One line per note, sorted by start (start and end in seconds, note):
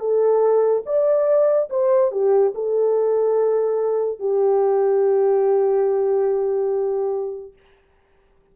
0.00 0.83 A4
0.86 1.69 D5
1.70 2.12 C5
2.12 2.53 G4
2.55 4.20 A4
4.20 7.53 G4